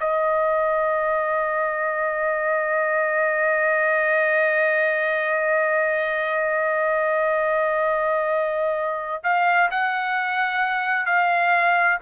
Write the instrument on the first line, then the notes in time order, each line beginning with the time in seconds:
trumpet
0.00 D#5
9.23 F5
9.70 F#5
11.06 F5